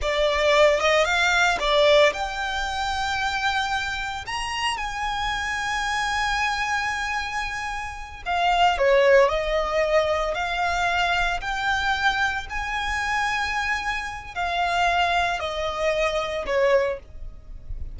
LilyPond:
\new Staff \with { instrumentName = "violin" } { \time 4/4 \tempo 4 = 113 d''4. dis''8 f''4 d''4 | g''1 | ais''4 gis''2.~ | gis''2.~ gis''8 f''8~ |
f''8 cis''4 dis''2 f''8~ | f''4. g''2 gis''8~ | gis''2. f''4~ | f''4 dis''2 cis''4 | }